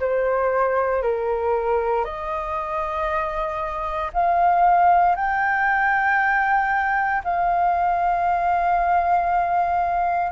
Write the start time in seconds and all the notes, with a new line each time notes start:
0.00 C5
1.03 A#4
2.04 D#5
4.13 F5
5.15 G5
7.24 F5